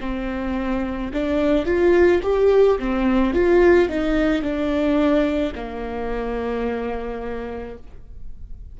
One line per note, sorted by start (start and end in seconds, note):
0.00 1.11 C4
1.13 1.65 D4
1.65 2.21 F4
2.23 2.78 G4
2.78 3.33 C4
3.33 3.89 F4
3.89 4.42 D#4
4.42 5.53 D4
5.55 7.77 A#3